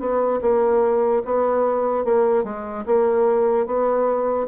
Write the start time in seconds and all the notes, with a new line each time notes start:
0.00 B3
0.42 A#3
1.25 B3
2.05 A#3
2.44 G#3
2.86 A#3
3.67 B3